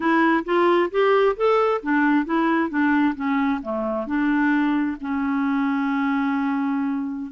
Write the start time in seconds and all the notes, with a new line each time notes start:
0.00 E4
0.44 F4
0.90 G4
1.36 A4
1.82 D4
2.25 E4
2.69 D4
3.15 C#4
3.62 A3
4.06 D4
5.00 C#4